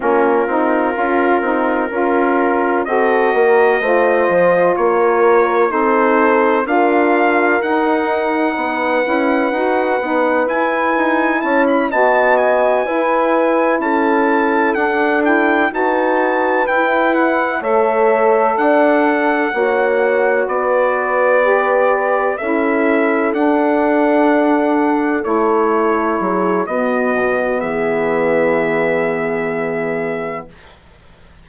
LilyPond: <<
  \new Staff \with { instrumentName = "trumpet" } { \time 4/4 \tempo 4 = 63 ais'2. dis''4~ | dis''4 cis''4 c''4 f''4 | fis''2. gis''4 | a''16 b''16 a''8 gis''4. a''4 fis''8 |
g''8 a''4 g''8 fis''8 e''4 fis''8~ | fis''4. d''2 e''8~ | e''8 fis''2 cis''4. | dis''4 e''2. | }
  \new Staff \with { instrumentName = "horn" } { \time 4/4 f'2 ais'4 a'8 ais'8 | c''4 ais'4 a'4 ais'4~ | ais'4 b'2. | cis''8 dis''4 b'4 a'4.~ |
a'8 b'2 cis''4 d''8~ | d''8 cis''4 b'2 a'8~ | a'2.~ a'8 gis'8 | fis'4 gis'2. | }
  \new Staff \with { instrumentName = "saxophone" } { \time 4/4 cis'8 dis'8 f'8 dis'8 f'4 fis'4 | f'2 dis'4 f'4 | dis'4. e'8 fis'8 dis'8 e'4~ | e'8 fis'4 e'2 d'8 |
e'8 fis'4 e'4 a'4.~ | a'8 fis'2 g'4 e'8~ | e'8 d'2 e'4. | b1 | }
  \new Staff \with { instrumentName = "bassoon" } { \time 4/4 ais8 c'8 cis'8 c'8 cis'4 c'8 ais8 | a8 f8 ais4 c'4 d'4 | dis'4 b8 cis'8 dis'8 b8 e'8 dis'8 | cis'8 b4 e'4 cis'4 d'8~ |
d'8 dis'4 e'4 a4 d'8~ | d'8 ais4 b2 cis'8~ | cis'8 d'2 a4 fis8 | b8 b,8 e2. | }
>>